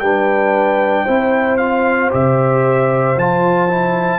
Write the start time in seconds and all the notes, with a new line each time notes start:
0.00 G3 D4 B4 G5
1.05 C4 E4 C5
1.58 F4 F5
2.11 C3 G4 E5
3.17 F3 F4 A5
3.69 E4